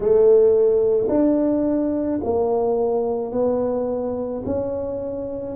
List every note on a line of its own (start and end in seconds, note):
0.00 1.07 A3
1.08 2.19 D4
2.23 3.32 A#3
3.32 4.43 B3
4.45 5.56 C#4